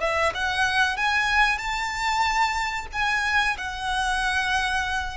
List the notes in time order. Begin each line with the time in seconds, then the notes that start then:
0.00 E5
0.34 F#5
0.96 G#5
1.57 A5
2.92 G#5
3.57 F#5